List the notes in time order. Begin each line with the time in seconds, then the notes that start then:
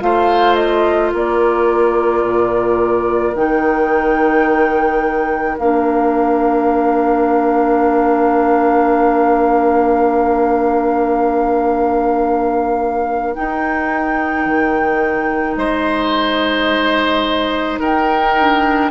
0.00 A3 F4 C5 F5
0.55 D#5
1.14 A#3 A#4 D5
2.24 A#2
3.36 D#3 D#4 G5
5.58 A#3 D4 F5
13.35 D#4 G5
14.47 D#3
15.57 G#3 C5 D#5
17.80 D#4 A#4 G5
18.40 D4